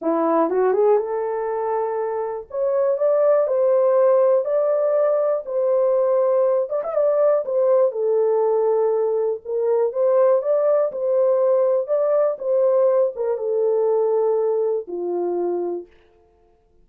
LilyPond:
\new Staff \with { instrumentName = "horn" } { \time 4/4 \tempo 4 = 121 e'4 fis'8 gis'8 a'2~ | a'4 cis''4 d''4 c''4~ | c''4 d''2 c''4~ | c''4. d''16 e''16 d''4 c''4 |
a'2. ais'4 | c''4 d''4 c''2 | d''4 c''4. ais'8 a'4~ | a'2 f'2 | }